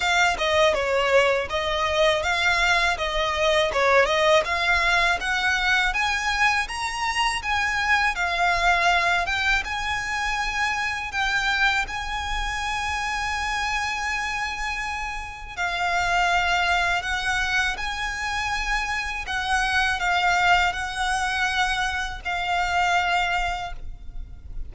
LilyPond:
\new Staff \with { instrumentName = "violin" } { \time 4/4 \tempo 4 = 81 f''8 dis''8 cis''4 dis''4 f''4 | dis''4 cis''8 dis''8 f''4 fis''4 | gis''4 ais''4 gis''4 f''4~ | f''8 g''8 gis''2 g''4 |
gis''1~ | gis''4 f''2 fis''4 | gis''2 fis''4 f''4 | fis''2 f''2 | }